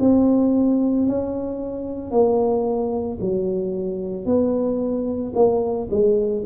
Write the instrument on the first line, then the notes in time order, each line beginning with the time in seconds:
tuba
0.00 C4
1.07 C#4
2.11 A#3
3.21 F#3
4.26 B3
5.35 A#3
5.91 G#3